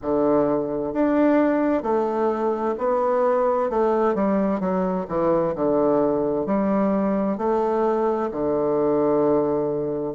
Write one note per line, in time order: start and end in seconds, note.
0.02 0.93 D3
0.93 1.83 D4
1.83 2.75 A3
2.77 3.70 B3
3.70 4.15 A3
4.15 4.59 G3
4.59 5.06 F#3
5.08 5.54 E3
5.55 6.46 D3
6.46 7.37 G3
7.37 8.30 A3
8.31 10.14 D3